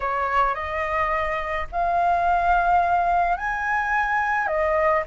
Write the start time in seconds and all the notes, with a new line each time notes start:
0.00 C#5
0.55 D#5
1.72 F5
3.37 G#5
4.47 D#5